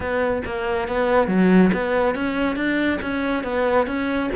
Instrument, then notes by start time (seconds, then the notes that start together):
cello
0.00 B3
0.45 A#3
0.88 B3
1.27 F#3
1.73 B3
2.14 C#4
2.55 D4
3.01 C#4
3.43 B3
3.87 C#4